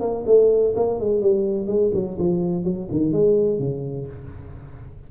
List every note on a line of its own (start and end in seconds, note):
0.00 0.24 A#3
0.26 0.74 A3
0.76 1.00 A#3
1.00 1.21 G#3
1.21 1.67 G3
1.67 1.91 G#3
1.94 2.18 F#3
2.19 2.64 F3
2.64 2.88 F#3
2.91 3.12 D#3
3.12 3.59 G#3
3.59 4.07 C#3